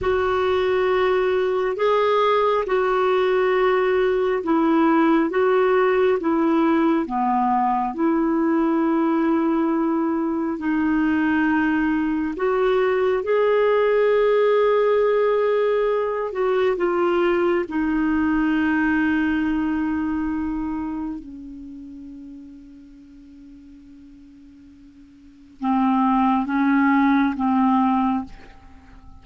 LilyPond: \new Staff \with { instrumentName = "clarinet" } { \time 4/4 \tempo 4 = 68 fis'2 gis'4 fis'4~ | fis'4 e'4 fis'4 e'4 | b4 e'2. | dis'2 fis'4 gis'4~ |
gis'2~ gis'8 fis'8 f'4 | dis'1 | cis'1~ | cis'4 c'4 cis'4 c'4 | }